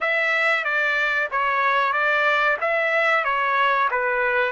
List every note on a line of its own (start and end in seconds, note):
0.00 0.64 E5
0.64 1.28 D5
1.31 1.92 C#5
1.92 2.57 D5
2.60 3.24 E5
3.24 3.89 C#5
3.90 4.52 B4